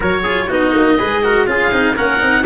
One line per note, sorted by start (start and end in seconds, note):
0.00 0.50 F#3
0.00 0.25 F#4
0.00 0.22 A#4
0.00 0.50 C#5
0.22 0.49 F4
0.22 0.47 G#4
0.47 0.74 B3
0.47 0.98 D#4
0.47 0.96 F#4
0.47 1.47 D#5
0.75 1.00 A#3
0.98 1.46 G#3
0.98 1.23 G#4
0.98 1.23 B4
1.23 1.47 F#4
1.23 1.48 A#4
1.46 1.71 C#4
1.46 1.71 F4
1.46 1.95 G#4
1.46 1.96 F5
1.71 1.96 C4
1.71 1.96 D#4
1.95 2.22 A#3
1.95 2.19 C#4
1.95 2.45 A#4
1.95 2.45 F#5
2.19 2.45 C4
2.19 2.44 D#4